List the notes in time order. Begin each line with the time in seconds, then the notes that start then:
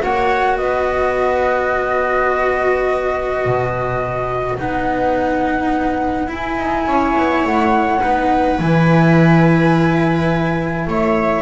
0.00 A#3 F#4 C#5 F#5
0.56 B3 B4 D#5
3.45 B2
4.57 B3 D#4 F#5
6.27 E4 G#5
6.57 D#4
6.86 C#4 C#5
7.16 B3
7.45 A3 F#5
8.01 B3 D#4 B4
8.58 E3 E4 G#5
10.87 A3 C#5 E5